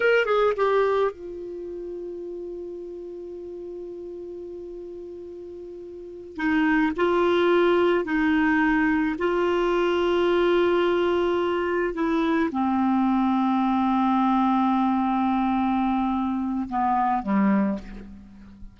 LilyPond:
\new Staff \with { instrumentName = "clarinet" } { \time 4/4 \tempo 4 = 108 ais'8 gis'8 g'4 f'2~ | f'1~ | f'2.~ f'8 dis'8~ | dis'8 f'2 dis'4.~ |
dis'8 f'2.~ f'8~ | f'4. e'4 c'4.~ | c'1~ | c'2 b4 g4 | }